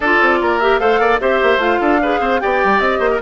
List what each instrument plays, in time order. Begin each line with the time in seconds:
0.00 bassoon D4, clarinet F4, oboe A4, flute D5
0.21 bassoon C4
0.41 bassoon A#3, oboe A#4
0.59 clarinet G4, flute E5
0.78 bassoon A3, clarinet A4, oboe C5, flute F5
0.98 bassoon A#3, oboe D5
1.20 bassoon C4, clarinet G4, oboe C5, flute E5
1.42 bassoon A#3
1.57 bassoon A3, clarinet F4, flute F5
1.80 bassoon D4, oboe A4
2.02 clarinet G#4, oboe B4
2.20 bassoon C4, oboe C5
2.40 bassoon B3, clarinet G4, oboe D5, flute G5
2.63 bassoon G3
2.79 bassoon C4, flute D#5
2.99 bassoon A#3, oboe C5
3.10 oboe A#4